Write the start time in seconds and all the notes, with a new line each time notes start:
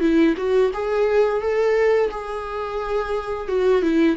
0.00 E4
0.37 F#4
0.73 G#4
1.40 A4
2.10 G#4
3.48 F#4
3.82 E4